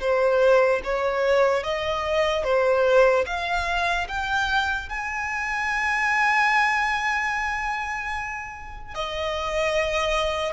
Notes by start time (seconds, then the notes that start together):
0.00 C5
0.83 C#5
1.63 D#5
2.44 C5
3.26 F5
4.08 G5
4.89 G#5
8.94 D#5